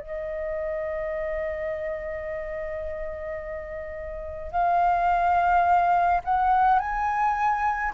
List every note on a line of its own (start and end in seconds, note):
0.00 4.51 D#5
4.51 6.21 F5
6.25 6.79 F#5
6.79 7.92 G#5